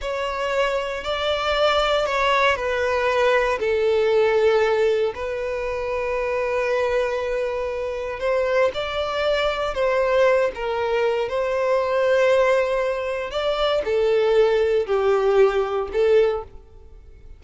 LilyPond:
\new Staff \with { instrumentName = "violin" } { \time 4/4 \tempo 4 = 117 cis''2 d''2 | cis''4 b'2 a'4~ | a'2 b'2~ | b'1 |
c''4 d''2 c''4~ | c''8 ais'4. c''2~ | c''2 d''4 a'4~ | a'4 g'2 a'4 | }